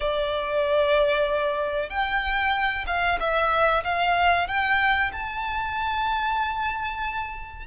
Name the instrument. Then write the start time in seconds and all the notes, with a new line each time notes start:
violin
0.00 D5
1.89 G5
2.87 F5
3.19 E5
3.84 F5
4.47 G5
5.12 A5